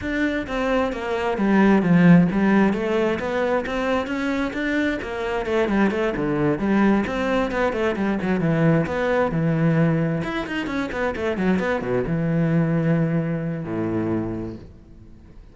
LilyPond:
\new Staff \with { instrumentName = "cello" } { \time 4/4 \tempo 4 = 132 d'4 c'4 ais4 g4 | f4 g4 a4 b4 | c'4 cis'4 d'4 ais4 | a8 g8 a8 d4 g4 c'8~ |
c'8 b8 a8 g8 fis8 e4 b8~ | b8 e2 e'8 dis'8 cis'8 | b8 a8 fis8 b8 b,8 e4.~ | e2 a,2 | }